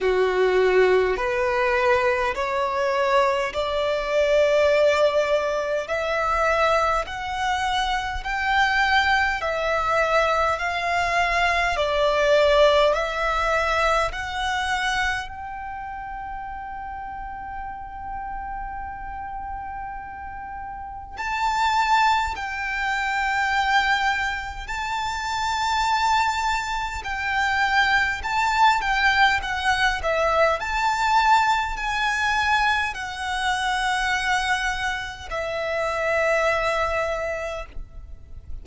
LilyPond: \new Staff \with { instrumentName = "violin" } { \time 4/4 \tempo 4 = 51 fis'4 b'4 cis''4 d''4~ | d''4 e''4 fis''4 g''4 | e''4 f''4 d''4 e''4 | fis''4 g''2.~ |
g''2 a''4 g''4~ | g''4 a''2 g''4 | a''8 g''8 fis''8 e''8 a''4 gis''4 | fis''2 e''2 | }